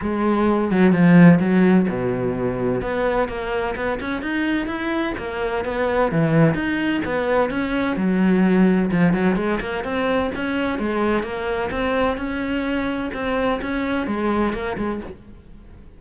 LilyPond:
\new Staff \with { instrumentName = "cello" } { \time 4/4 \tempo 4 = 128 gis4. fis8 f4 fis4 | b,2 b4 ais4 | b8 cis'8 dis'4 e'4 ais4 | b4 e4 dis'4 b4 |
cis'4 fis2 f8 fis8 | gis8 ais8 c'4 cis'4 gis4 | ais4 c'4 cis'2 | c'4 cis'4 gis4 ais8 gis8 | }